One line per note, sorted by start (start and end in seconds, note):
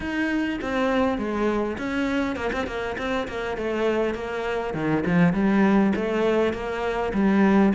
0.00 0.59 D#4
0.61 1.17 C4
1.17 1.77 G#3
1.78 2.36 C#4
2.36 2.51 A#3
2.52 2.66 C4
2.66 2.96 A#3
2.98 3.27 C4
3.28 3.57 A#3
3.57 4.14 A3
4.14 4.74 A#3
4.74 5.03 D#3
5.06 5.33 F3
5.33 5.92 G3
5.95 6.53 A3
6.53 7.12 A#3
7.13 7.73 G3